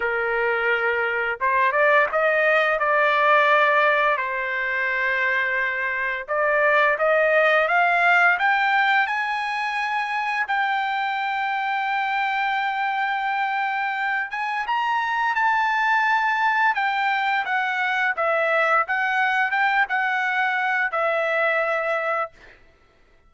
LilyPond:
\new Staff \with { instrumentName = "trumpet" } { \time 4/4 \tempo 4 = 86 ais'2 c''8 d''8 dis''4 | d''2 c''2~ | c''4 d''4 dis''4 f''4 | g''4 gis''2 g''4~ |
g''1~ | g''8 gis''8 ais''4 a''2 | g''4 fis''4 e''4 fis''4 | g''8 fis''4. e''2 | }